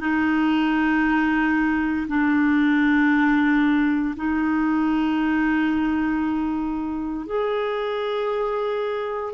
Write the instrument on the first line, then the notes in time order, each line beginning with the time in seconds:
clarinet
0.00 D#4
2.08 D4
4.17 D#4
7.26 G#4